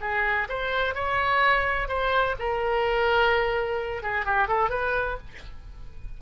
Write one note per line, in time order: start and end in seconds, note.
0.00 0.47 G#4
0.49 0.94 C5
0.94 1.88 C#5
1.88 2.35 C5
2.39 4.02 A#4
4.02 4.25 G#4
4.25 4.47 G4
4.47 4.70 A4
4.70 5.17 B4